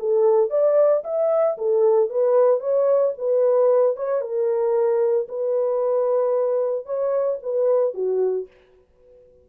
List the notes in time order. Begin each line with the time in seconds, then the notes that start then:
0.00 A4
0.50 D5
1.05 E5
1.58 A4
2.10 B4
2.60 C#5
3.18 B4
3.97 C#5
4.22 A#4
5.29 B4
6.86 C#5
7.43 B4
7.95 F#4